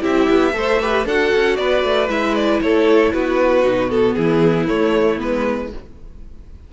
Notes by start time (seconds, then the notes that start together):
0.00 C4 E4 G4 E5
0.29 B3
0.53 A3 A4 C5
0.81 G4 B4
1.05 D4 F#4 A4 F#5
1.35 C#4
1.57 B3 B4 D5
1.83 A3
2.09 G#3 E4 E5
2.35 D5
2.61 A3 A4 C#5
3.13 B3 F#4 B4
3.64 B2 D#4
3.90 B3 A4
4.15 E3 E4 G#4
4.67 A3 C#5
5.17 G#3 B3 B4